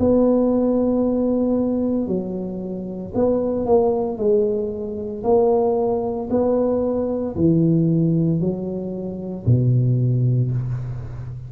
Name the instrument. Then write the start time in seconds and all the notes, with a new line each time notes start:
tuba
0.00 B3
2.08 F#3
3.15 B3
3.66 A#3
4.18 G#3
5.24 A#3
6.30 B3
7.36 E3
8.41 F#3
9.46 B2